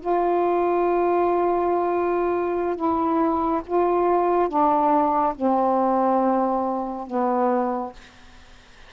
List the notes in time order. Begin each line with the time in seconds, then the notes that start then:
0.00 F4
2.75 E4
3.66 F4
4.48 D4
5.35 C4
7.07 B3